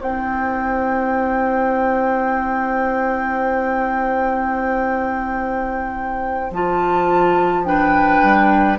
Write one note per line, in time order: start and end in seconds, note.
0.00 6.50 C4
0.00 6.51 E4
0.00 7.65 C5
0.00 6.52 G5
6.50 8.20 F3
6.50 7.64 F4
6.50 7.64 A5
7.64 8.77 D4
7.64 8.79 B4
7.64 8.78 G5
8.22 8.79 G3